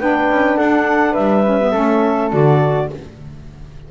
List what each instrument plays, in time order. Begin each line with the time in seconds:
0.00 double bass B3, saxophone D4, flute B4, clarinet G5
0.31 double bass C#4
0.57 double bass D4, flute A4, clarinet F#5
1.12 double bass G3, flute B4, clarinet E5
1.45 saxophone C#4
1.61 saxophone B3
1.71 double bass A3, saxophone C#4, flute A4
2.32 double bass D3, saxophone F#4, clarinet D5